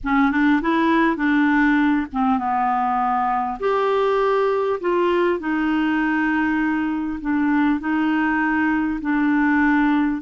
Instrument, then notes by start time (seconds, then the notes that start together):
clarinet
0.03 C#4
0.31 D4
0.61 E4
1.16 D4
2.12 C4
2.38 B3
3.59 G4
4.80 F4
5.39 D#4
7.20 D4
7.80 D#4
9.01 D4